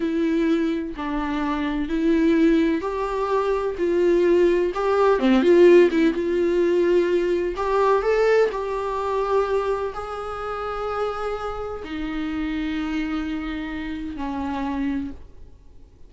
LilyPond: \new Staff \with { instrumentName = "viola" } { \time 4/4 \tempo 4 = 127 e'2 d'2 | e'2 g'2 | f'2 g'4 c'8 f'8~ | f'8 e'8 f'2. |
g'4 a'4 g'2~ | g'4 gis'2.~ | gis'4 dis'2.~ | dis'2 cis'2 | }